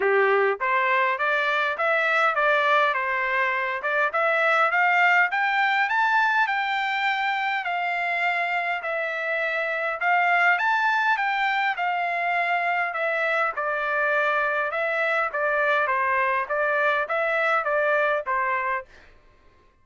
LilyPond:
\new Staff \with { instrumentName = "trumpet" } { \time 4/4 \tempo 4 = 102 g'4 c''4 d''4 e''4 | d''4 c''4. d''8 e''4 | f''4 g''4 a''4 g''4~ | g''4 f''2 e''4~ |
e''4 f''4 a''4 g''4 | f''2 e''4 d''4~ | d''4 e''4 d''4 c''4 | d''4 e''4 d''4 c''4 | }